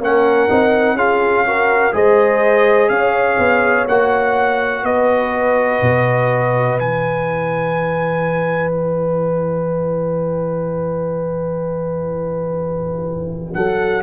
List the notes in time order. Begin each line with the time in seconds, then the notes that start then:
0.00 A#3 C#4 A#4 F#5
0.49 C4 D#4
0.93 C#4 F4 G#4 F5
1.46 F#4 A#4
1.92 G#3 G#4 C5 D#5
2.89 C#4 C#5 F5
3.38 B3
3.88 A#3 F#4 F#5
4.83 B3 B4 D#5
5.81 B2
6.78 E3 E4 G#5
8.70 G5
13.54 F#3 A4 F#5